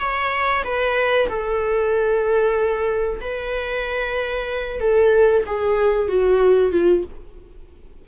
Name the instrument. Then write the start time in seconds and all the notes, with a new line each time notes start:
viola
0.00 C#5
0.65 B4
1.29 A4
3.21 B4
4.81 A4
5.47 G#4
6.09 F#4
6.73 F4